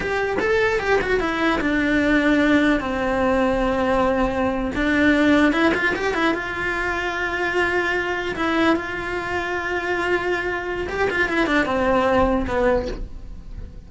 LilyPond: \new Staff \with { instrumentName = "cello" } { \time 4/4 \tempo 4 = 149 g'4 a'4 g'8 fis'8 e'4 | d'2. c'4~ | c'2.~ c'8. d'16~ | d'4.~ d'16 e'8 f'8 g'8 e'8 f'16~ |
f'1~ | f'8. e'4 f'2~ f'16~ | f'2. g'8 f'8 | e'8 d'8 c'2 b4 | }